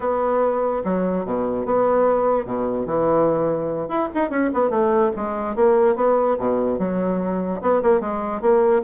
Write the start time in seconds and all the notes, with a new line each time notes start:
0.00 B3
0.84 F#3
1.25 B2
1.65 B3
2.45 B2
2.86 E3
3.88 E4
4.14 D#4
4.29 C#4
4.53 B3
4.70 A3
5.16 G#3
5.55 A#3
5.95 B3
6.38 B2
6.78 F#3
7.61 B3
7.82 A#3
8.00 G#3
8.41 A#3